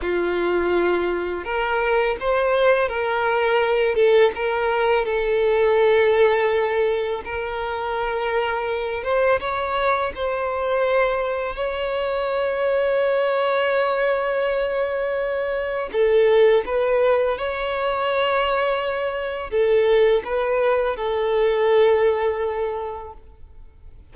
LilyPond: \new Staff \with { instrumentName = "violin" } { \time 4/4 \tempo 4 = 83 f'2 ais'4 c''4 | ais'4. a'8 ais'4 a'4~ | a'2 ais'2~ | ais'8 c''8 cis''4 c''2 |
cis''1~ | cis''2 a'4 b'4 | cis''2. a'4 | b'4 a'2. | }